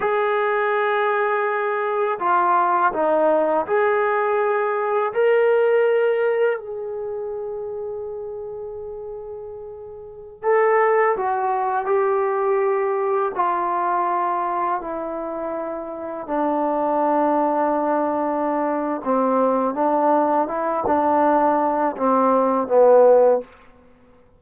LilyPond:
\new Staff \with { instrumentName = "trombone" } { \time 4/4 \tempo 4 = 82 gis'2. f'4 | dis'4 gis'2 ais'4~ | ais'4 gis'2.~ | gis'2~ gis'16 a'4 fis'8.~ |
fis'16 g'2 f'4.~ f'16~ | f'16 e'2 d'4.~ d'16~ | d'2 c'4 d'4 | e'8 d'4. c'4 b4 | }